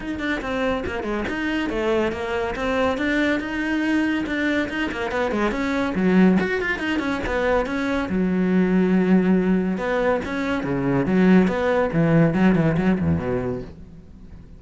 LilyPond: \new Staff \with { instrumentName = "cello" } { \time 4/4 \tempo 4 = 141 dis'8 d'8 c'4 ais8 gis8 dis'4 | a4 ais4 c'4 d'4 | dis'2 d'4 dis'8 ais8 | b8 gis8 cis'4 fis4 fis'8 f'8 |
dis'8 cis'8 b4 cis'4 fis4~ | fis2. b4 | cis'4 cis4 fis4 b4 | e4 fis8 e8 fis8 e,8 b,4 | }